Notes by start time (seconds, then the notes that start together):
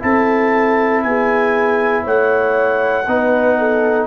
0.00 C4 E4 A4 A5
1.03 B3 G#4 G#5
2.04 A3 C#5 F#5
3.08 B3 D#4 B4
3.59 A4